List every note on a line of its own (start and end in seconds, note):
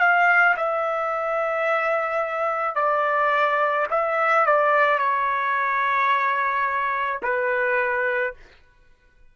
0.00 0.56 F5
0.57 2.76 E5
2.76 3.87 D5
3.91 4.46 E5
4.47 4.99 D5
4.99 7.21 C#5
7.23 8.34 B4